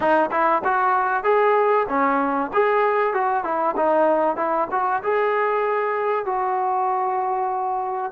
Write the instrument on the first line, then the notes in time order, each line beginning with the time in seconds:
trombone
0.00 D#4
0.31 E4
0.64 F#4
1.23 G#4
1.88 C#4
2.53 G#4
3.13 F#4
3.44 E4
3.76 D#4
4.36 E4
4.71 F#4
5.03 G#4
6.25 F#4